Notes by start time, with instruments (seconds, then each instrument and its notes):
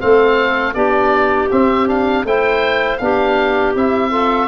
0.00 tuba A3, trombone C4, clarinet A4, oboe F5
0.74 tuba B3, trombone D4, clarinet G4, oboe D5
1.51 trombone C4, tuba C4, oboe E5
1.87 trombone D4, oboe F5
2.25 tuba A3, trombone E4, clarinet C5, oboe G5
2.98 tuba B3, trombone D4, clarinet G4, oboe F5
3.75 tuba C4, trombone E4, oboe E5
4.10 trombone F4, clarinet A4